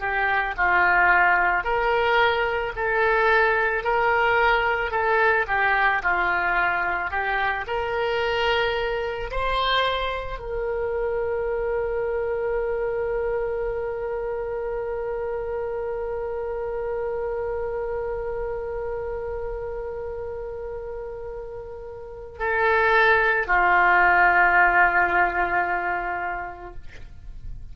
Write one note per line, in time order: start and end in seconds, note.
0.00 0.55 G4
0.57 1.64 F4
1.64 2.73 A#4
2.76 3.84 A4
3.84 4.91 A#4
4.91 5.46 A4
5.48 6.02 G4
6.03 7.11 F4
7.11 7.66 G4
7.67 9.31 A#4
9.32 10.39 C5
10.39 22.39 A#4
22.39 23.47 A4
23.47 26.75 F4